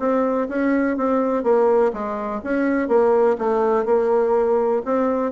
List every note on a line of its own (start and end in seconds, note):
0.00 0.48 C4
0.49 0.97 C#4
0.97 1.44 C4
1.44 1.92 A#3
1.93 2.41 G#3
2.44 2.89 C#4
2.89 3.37 A#3
3.38 3.86 A3
3.86 4.83 A#3
4.85 5.32 C4